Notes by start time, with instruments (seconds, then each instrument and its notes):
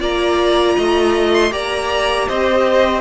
0.00 cello A#3, viola F4, violin D5 A#5
0.76 cello A3, violin D#5
1.34 violin C6
1.50 cello A#3, viola G4, violin D5 A#5
2.28 cello C4, violin C5 D#5